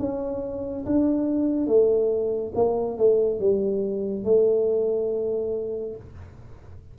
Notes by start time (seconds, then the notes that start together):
0.00 C#4
0.86 D4
1.67 A3
2.55 A#3
2.98 A3
3.40 G3
4.25 A3